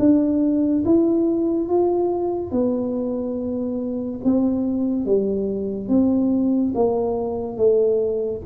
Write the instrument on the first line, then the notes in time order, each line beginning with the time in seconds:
tuba
0.00 D4
0.86 E4
1.69 F4
2.52 B3
4.25 C4
5.06 G3
5.89 C4
6.75 A#3
7.57 A3